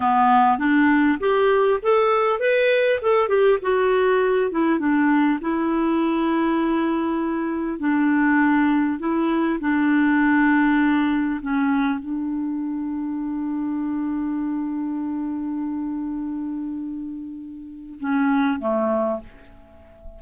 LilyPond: \new Staff \with { instrumentName = "clarinet" } { \time 4/4 \tempo 4 = 100 b4 d'4 g'4 a'4 | b'4 a'8 g'8 fis'4. e'8 | d'4 e'2.~ | e'4 d'2 e'4 |
d'2. cis'4 | d'1~ | d'1~ | d'2 cis'4 a4 | }